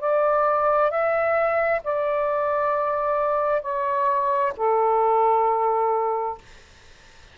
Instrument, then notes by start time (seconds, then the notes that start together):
saxophone
0.00 D5
0.91 E5
1.84 D5
3.62 C#5
4.57 A4